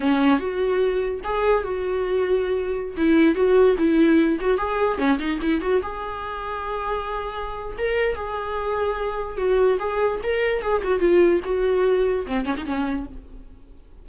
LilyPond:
\new Staff \with { instrumentName = "viola" } { \time 4/4 \tempo 4 = 147 cis'4 fis'2 gis'4 | fis'2.~ fis'16 e'8.~ | e'16 fis'4 e'4. fis'8 gis'8.~ | gis'16 cis'8 dis'8 e'8 fis'8 gis'4.~ gis'16~ |
gis'2. ais'4 | gis'2. fis'4 | gis'4 ais'4 gis'8 fis'8 f'4 | fis'2 c'8 cis'16 dis'16 cis'4 | }